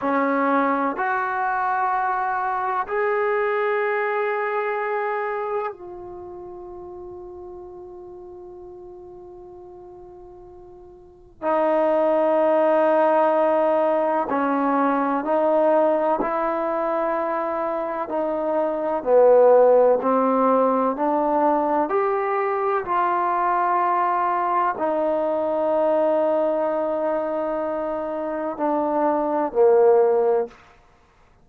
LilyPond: \new Staff \with { instrumentName = "trombone" } { \time 4/4 \tempo 4 = 63 cis'4 fis'2 gis'4~ | gis'2 f'2~ | f'1 | dis'2. cis'4 |
dis'4 e'2 dis'4 | b4 c'4 d'4 g'4 | f'2 dis'2~ | dis'2 d'4 ais4 | }